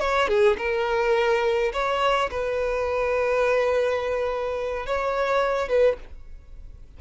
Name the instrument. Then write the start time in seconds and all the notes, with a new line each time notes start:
violin
0.00 C#5
0.28 G#4
0.58 A#4
1.73 C#5
2.30 B4
4.86 C#5
5.69 B4